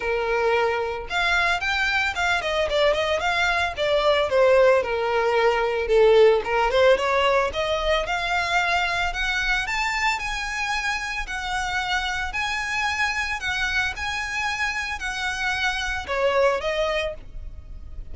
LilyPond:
\new Staff \with { instrumentName = "violin" } { \time 4/4 \tempo 4 = 112 ais'2 f''4 g''4 | f''8 dis''8 d''8 dis''8 f''4 d''4 | c''4 ais'2 a'4 | ais'8 c''8 cis''4 dis''4 f''4~ |
f''4 fis''4 a''4 gis''4~ | gis''4 fis''2 gis''4~ | gis''4 fis''4 gis''2 | fis''2 cis''4 dis''4 | }